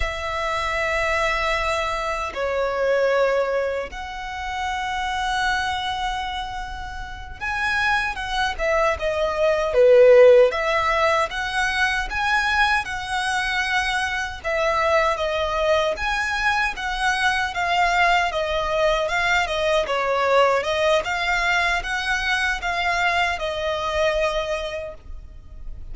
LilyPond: \new Staff \with { instrumentName = "violin" } { \time 4/4 \tempo 4 = 77 e''2. cis''4~ | cis''4 fis''2.~ | fis''4. gis''4 fis''8 e''8 dis''8~ | dis''8 b'4 e''4 fis''4 gis''8~ |
gis''8 fis''2 e''4 dis''8~ | dis''8 gis''4 fis''4 f''4 dis''8~ | dis''8 f''8 dis''8 cis''4 dis''8 f''4 | fis''4 f''4 dis''2 | }